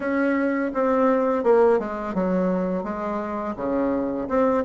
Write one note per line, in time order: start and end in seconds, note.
0.00 0.71 C#4
0.74 1.43 C4
1.43 1.79 A#3
1.79 2.14 G#3
2.14 2.83 F#3
2.83 3.55 G#3
3.56 4.28 C#3
4.28 4.64 C4